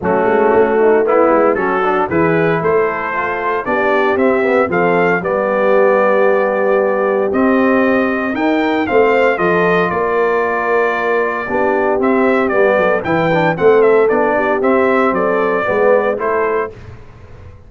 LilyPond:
<<
  \new Staff \with { instrumentName = "trumpet" } { \time 4/4 \tempo 4 = 115 fis'2 e'4 a'4 | b'4 c''2 d''4 | e''4 f''4 d''2~ | d''2 dis''2 |
g''4 f''4 dis''4 d''4~ | d''2. e''4 | d''4 g''4 fis''8 e''8 d''4 | e''4 d''2 c''4 | }
  \new Staff \with { instrumentName = "horn" } { \time 4/4 cis'4. dis'8 e'4 fis'4 | gis'4 a'2 g'4~ | g'4 a'4 g'2~ | g'1 |
ais'4 c''4 a'4 ais'4~ | ais'2 g'2~ | g'8 a'8 b'4 a'4. g'8~ | g'4 a'4 b'4 a'4 | }
  \new Staff \with { instrumentName = "trombone" } { \time 4/4 a2 b4 cis'8 d'8 | e'2 f'4 d'4 | c'8 b8 c'4 b2~ | b2 c'2 |
dis'4 c'4 f'2~ | f'2 d'4 c'4 | b4 e'8 d'8 c'4 d'4 | c'2 b4 e'4 | }
  \new Staff \with { instrumentName = "tuba" } { \time 4/4 fis8 gis8 a4. gis8 fis4 | e4 a2 b4 | c'4 f4 g2~ | g2 c'2 |
dis'4 a4 f4 ais4~ | ais2 b4 c'4 | g8 fis8 e4 a4 b4 | c'4 fis4 gis4 a4 | }
>>